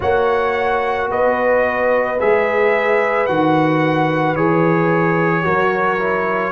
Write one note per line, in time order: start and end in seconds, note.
0.00 1.11 A#3
0.00 2.17 F#4
0.00 1.08 C#5
0.00 1.10 F#5
1.08 2.20 B3
1.08 5.45 B4
1.08 2.20 D#5
2.19 3.28 G#3
2.19 3.28 G#4
2.19 3.26 E5
3.26 4.34 D#3
3.26 4.36 F#4
3.26 4.35 F#5
4.34 5.43 E3
4.34 5.43 G#4
4.34 6.52 C#5
5.43 6.52 F#3
5.43 5.97 F#4
5.43 6.52 A#4
5.98 6.52 E4